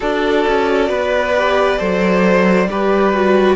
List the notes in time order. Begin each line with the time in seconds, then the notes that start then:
0.00 D4 F#4 A4 D5
0.47 C#4
0.89 B3 B4
1.37 G4
1.78 F#3 A4 C5
2.68 G3 G4 B4
3.13 F#4